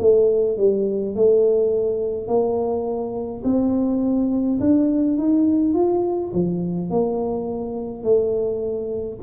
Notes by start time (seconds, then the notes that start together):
0.00 A3
0.58 G3
1.15 A3
2.28 A#3
3.45 C4
4.60 D4
5.18 D#4
5.75 F4
6.34 F3
6.91 A#3
8.03 A3